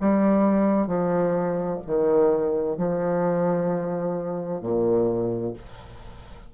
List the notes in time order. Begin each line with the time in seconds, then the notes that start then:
0.00 G3
0.87 F3
1.86 D#3
2.77 F3
4.61 A#2